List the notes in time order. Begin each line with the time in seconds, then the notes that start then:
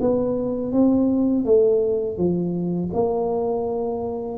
0.00 B3
0.72 C4
1.44 A3
2.17 F3
2.93 A#3